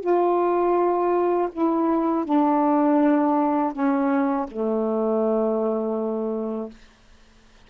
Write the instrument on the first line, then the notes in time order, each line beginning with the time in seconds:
saxophone
0.00 F4
1.52 E4
2.24 D4
3.72 C#4
4.47 A3